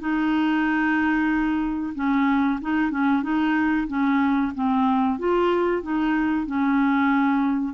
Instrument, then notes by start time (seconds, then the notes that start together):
clarinet
0.00 D#4
1.95 C#4
2.62 D#4
2.91 C#4
3.23 D#4
3.88 C#4
4.55 C4
5.19 F4
5.82 D#4
6.47 C#4